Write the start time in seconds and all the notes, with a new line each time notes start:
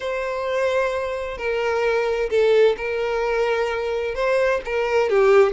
0.00 C5
1.37 A#4
2.30 A4
2.77 A#4
4.14 C5
4.65 A#4
5.09 G4